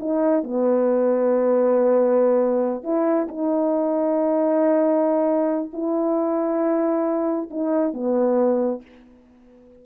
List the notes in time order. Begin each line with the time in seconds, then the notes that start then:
0.00 D#4
0.44 B3
2.84 E4
3.28 D#4
5.73 E4
7.51 D#4
7.94 B3